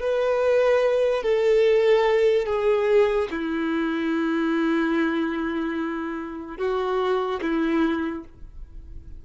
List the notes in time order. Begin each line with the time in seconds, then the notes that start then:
0.00 B4
1.23 A4
2.45 G#4
3.31 E4
6.58 F#4
7.42 E4